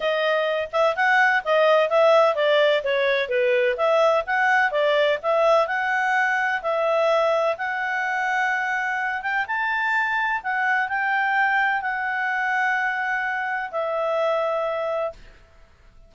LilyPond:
\new Staff \with { instrumentName = "clarinet" } { \time 4/4 \tempo 4 = 127 dis''4. e''8 fis''4 dis''4 | e''4 d''4 cis''4 b'4 | e''4 fis''4 d''4 e''4 | fis''2 e''2 |
fis''2.~ fis''8 g''8 | a''2 fis''4 g''4~ | g''4 fis''2.~ | fis''4 e''2. | }